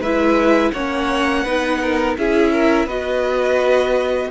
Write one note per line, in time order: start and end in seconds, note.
0.00 0.71 G#3
0.00 0.76 E4
0.00 0.72 B4
0.00 0.72 E5
0.72 1.45 A#3
0.72 1.46 C#4
0.72 1.44 C#5
0.72 2.14 F#5
1.44 2.17 B3
1.44 2.18 D#4
1.44 1.79 B4
1.82 2.18 A#4
2.18 2.87 C#4
2.18 2.89 E4
2.18 2.53 G#4
2.18 2.88 E5
2.53 2.86 A#4
2.86 4.29 B3
2.86 4.31 F#4
2.86 4.29 B4
2.86 4.31 D#5